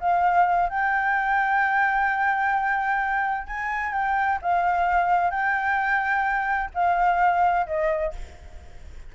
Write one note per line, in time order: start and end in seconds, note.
0.00 0.69 F5
0.69 3.47 G5
3.47 3.93 G#5
3.93 4.39 G5
4.42 5.30 F5
5.30 6.70 G5
6.74 7.66 F5
7.66 8.13 D#5